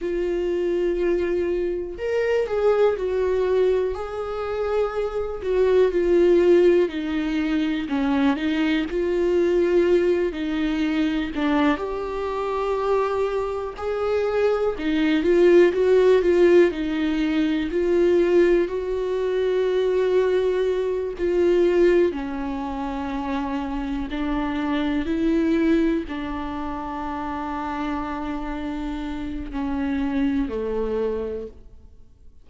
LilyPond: \new Staff \with { instrumentName = "viola" } { \time 4/4 \tempo 4 = 61 f'2 ais'8 gis'8 fis'4 | gis'4. fis'8 f'4 dis'4 | cis'8 dis'8 f'4. dis'4 d'8 | g'2 gis'4 dis'8 f'8 |
fis'8 f'8 dis'4 f'4 fis'4~ | fis'4. f'4 cis'4.~ | cis'8 d'4 e'4 d'4.~ | d'2 cis'4 a4 | }